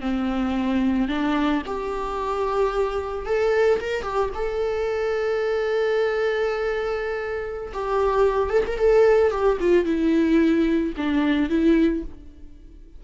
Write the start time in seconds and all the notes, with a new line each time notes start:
0.00 C4
1.08 D4
1.66 G4
3.25 A4
3.80 A#4
4.02 G4
4.34 A4
7.73 G4
8.49 A4
8.66 A#4
8.78 A4
9.30 G4
9.60 F4
9.85 E4
10.96 D4
11.49 E4